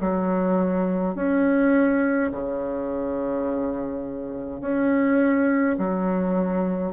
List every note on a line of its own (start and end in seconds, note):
0.00 1.15 F#3
1.15 2.31 C#4
2.31 4.60 C#3
4.60 5.76 C#4
5.77 6.92 F#3